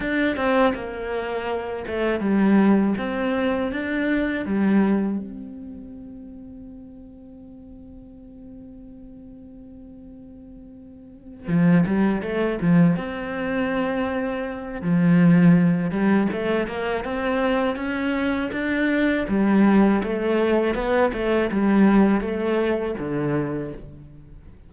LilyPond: \new Staff \with { instrumentName = "cello" } { \time 4/4 \tempo 4 = 81 d'8 c'8 ais4. a8 g4 | c'4 d'4 g4 c'4~ | c'1~ | c'2.~ c'8 f8 |
g8 a8 f8 c'2~ c'8 | f4. g8 a8 ais8 c'4 | cis'4 d'4 g4 a4 | b8 a8 g4 a4 d4 | }